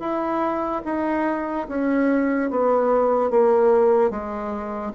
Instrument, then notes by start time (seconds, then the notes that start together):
bassoon
0.00 E4
0.86 D#4
1.69 C#4
2.51 B3
3.31 A#3
4.11 G#3